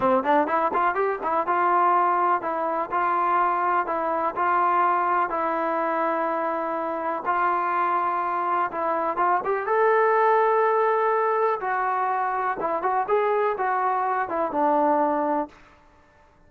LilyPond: \new Staff \with { instrumentName = "trombone" } { \time 4/4 \tempo 4 = 124 c'8 d'8 e'8 f'8 g'8 e'8 f'4~ | f'4 e'4 f'2 | e'4 f'2 e'4~ | e'2. f'4~ |
f'2 e'4 f'8 g'8 | a'1 | fis'2 e'8 fis'8 gis'4 | fis'4. e'8 d'2 | }